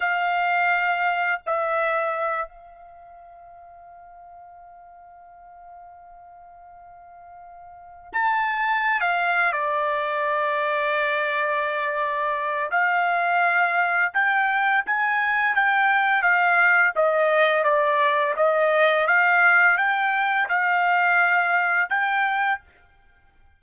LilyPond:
\new Staff \with { instrumentName = "trumpet" } { \time 4/4 \tempo 4 = 85 f''2 e''4. f''8~ | f''1~ | f''2.~ f''8 a''8~ | a''8. f''8. d''2~ d''8~ |
d''2 f''2 | g''4 gis''4 g''4 f''4 | dis''4 d''4 dis''4 f''4 | g''4 f''2 g''4 | }